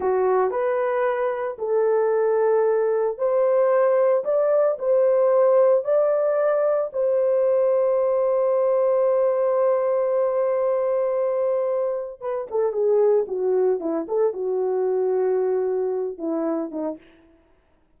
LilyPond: \new Staff \with { instrumentName = "horn" } { \time 4/4 \tempo 4 = 113 fis'4 b'2 a'4~ | a'2 c''2 | d''4 c''2 d''4~ | d''4 c''2.~ |
c''1~ | c''2. b'8 a'8 | gis'4 fis'4 e'8 a'8 fis'4~ | fis'2~ fis'8 e'4 dis'8 | }